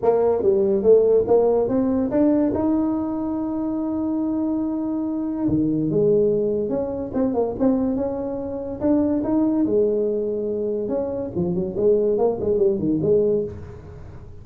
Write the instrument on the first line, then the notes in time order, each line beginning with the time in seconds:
tuba
0.02 A#3
0.42 G3
0.82 A3
1.27 A#3
1.68 C4
2.10 D4
2.54 D#4
5.48 D#3
5.90 G#3
6.69 C#4
7.14 C4
7.34 A#3
7.59 C4
7.95 C#4
8.80 D4
9.23 D#4
9.66 G#3
10.88 C#4
11.35 F3
11.54 F#3
11.76 G#3
12.18 A#3
12.40 G#3
12.57 G3
12.78 D#3
13.02 G#3